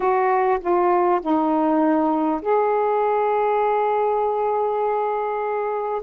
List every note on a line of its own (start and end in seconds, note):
0.00 0.58 F#4
0.60 1.20 F4
1.21 2.41 D#4
2.41 6.01 G#4